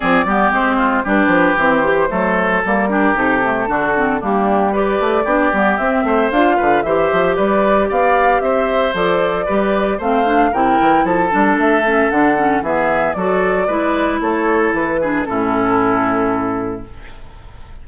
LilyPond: <<
  \new Staff \with { instrumentName = "flute" } { \time 4/4 \tempo 4 = 114 d''4 c''4 b'4 c''4~ | c''4 ais'4 a'2 | g'4 d''2 e''4 | f''4 e''4 d''4 f''4 |
e''4 d''2 f''4 | g''4 a''4 e''4 fis''4 | e''4 d''2 cis''4 | b'4 a'2. | }
  \new Staff \with { instrumentName = "oboe" } { \time 4/4 gis'8 g'4 f'8 g'2 | a'4. g'4. fis'4 | d'4 b'4 g'4. c''8~ | c''8 b'8 c''4 b'4 d''4 |
c''2 b'4 c''4 | ais'4 a'2. | gis'4 a'4 b'4 a'4~ | a'8 gis'8 e'2. | }
  \new Staff \with { instrumentName = "clarinet" } { \time 4/4 c'8 b8 c'4 d'4 c'8 g'8 | a4 ais8 d'8 dis'8 a8 d'8 c'8 | ais4 g'4 d'8 b8 c'4 | f'4 g'2.~ |
g'4 a'4 g'4 c'8 d'8 | e'4. d'4 cis'8 d'8 cis'8 | b4 fis'4 e'2~ | e'8 d'8 cis'2. | }
  \new Staff \with { instrumentName = "bassoon" } { \time 4/4 f8 g8 gis4 g8 f8 e4 | fis4 g4 c4 d4 | g4. a8 b8 g8 c'8 a8 | d'8 d8 e8 f8 g4 b4 |
c'4 f4 g4 a4 | c8 e8 f8 g8 a4 d4 | e4 fis4 gis4 a4 | e4 a,2. | }
>>